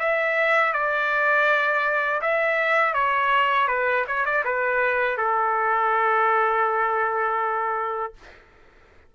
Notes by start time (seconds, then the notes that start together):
0.00 E5
0.73 D5
2.22 E5
2.94 C#5
3.68 B4
4.08 C#5
4.26 D5
4.45 B4
5.18 A4